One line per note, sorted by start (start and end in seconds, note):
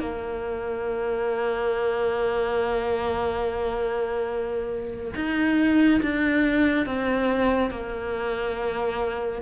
0.00 5.14 A#3
5.15 6.01 D#4
6.02 6.86 D4
6.86 7.71 C4
7.71 9.42 A#3